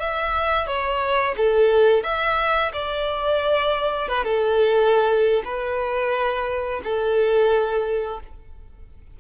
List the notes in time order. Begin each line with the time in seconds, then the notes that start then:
0.00 E5
0.67 C#5
1.37 A4
2.04 E5
2.74 D5
4.08 B4
4.24 A4
5.45 B4
6.84 A4